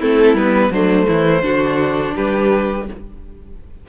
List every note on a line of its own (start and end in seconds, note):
0.00 0.34 A3
0.00 0.37 C4
0.00 0.71 E4
0.00 0.38 A4
0.34 0.70 G3
0.34 0.74 B3
0.34 0.72 B4
0.71 1.07 F#3
0.71 1.43 A3
0.71 1.08 D4
0.71 2.15 C5
1.08 1.43 E3
1.08 1.43 E4
1.43 2.14 D3
1.43 2.86 D4
1.43 2.15 F#4
2.15 2.89 G3
2.15 2.87 G4
2.15 2.88 B4